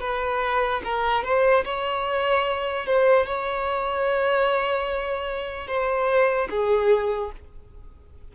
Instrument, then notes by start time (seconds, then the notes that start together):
violin
0.00 B4
0.84 A#4
1.24 C5
1.65 C#5
2.86 C5
3.26 C#5
5.67 C5
6.50 G#4